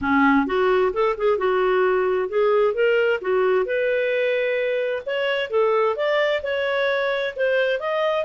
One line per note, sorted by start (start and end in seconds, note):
0.01 0.46 C#4
0.46 0.92 F#4
0.93 1.16 A4
1.17 1.38 G#4
1.38 2.29 F#4
2.29 2.74 G#4
2.74 3.20 A#4
3.21 3.65 F#4
3.65 5.03 B4
5.05 5.50 C#5
5.50 5.95 A4
5.95 6.41 D5
6.42 7.34 C#5
7.36 7.79 C5
7.79 8.25 D#5